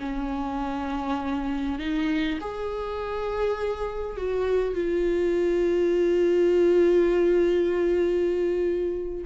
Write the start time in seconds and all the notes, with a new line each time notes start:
0.00 C#4
1.79 D#4
2.41 G#4
4.17 F#4
4.75 F4